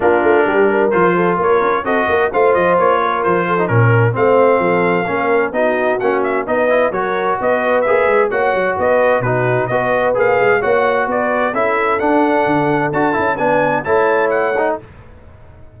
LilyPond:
<<
  \new Staff \with { instrumentName = "trumpet" } { \time 4/4 \tempo 4 = 130 ais'2 c''4 cis''4 | dis''4 f''8 dis''8 cis''4 c''4 | ais'4 f''2. | dis''4 fis''8 e''8 dis''4 cis''4 |
dis''4 e''4 fis''4 dis''4 | b'4 dis''4 f''4 fis''4 | d''4 e''4 fis''2 | a''4 gis''4 a''4 fis''4 | }
  \new Staff \with { instrumentName = "horn" } { \time 4/4 f'4 g'8 ais'4 a'8 ais'4 | a'8 ais'8 c''4. ais'4 a'8 | ais'4 c''4 a'4 ais'4 | fis'2 b'4 ais'4 |
b'2 cis''4 b'4 | fis'4 b'2 cis''4 | b'4 a'2.~ | a'4 b'4 cis''2 | }
  \new Staff \with { instrumentName = "trombone" } { \time 4/4 d'2 f'2 | fis'4 f'2~ f'8. dis'16 | cis'4 c'2 cis'4 | dis'4 cis'4 dis'8 e'8 fis'4~ |
fis'4 gis'4 fis'2 | dis'4 fis'4 gis'4 fis'4~ | fis'4 e'4 d'2 | fis'8 e'8 d'4 e'4. dis'8 | }
  \new Staff \with { instrumentName = "tuba" } { \time 4/4 ais8 a8 g4 f4 ais8 cis'8 | c'8 ais8 a8 f8 ais4 f4 | ais,4 a4 f4 ais4 | b4 ais4 b4 fis4 |
b4 ais8 gis8 ais8 fis8 b4 | b,4 b4 ais8 gis8 ais4 | b4 cis'4 d'4 d4 | d'8 cis'8 b4 a2 | }
>>